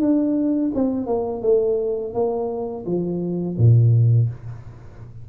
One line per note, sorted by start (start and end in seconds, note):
0.00 0.71 D4
0.74 1.06 C4
1.06 1.42 A#3
1.42 2.13 A3
2.13 2.85 A#3
2.85 3.56 F3
3.57 4.29 A#2